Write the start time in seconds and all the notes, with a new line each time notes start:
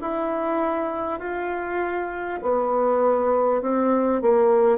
0.00 E4
1.19 F4
2.42 B3
3.61 C4
4.21 A#3